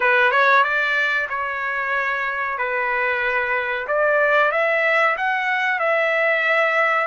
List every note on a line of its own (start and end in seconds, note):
0.00 0.31 B4
0.31 0.63 C#5
0.63 1.28 D5
1.29 2.57 C#5
2.57 3.87 B4
3.87 4.51 D5
4.51 5.16 E5
5.17 5.79 F#5
5.79 7.07 E5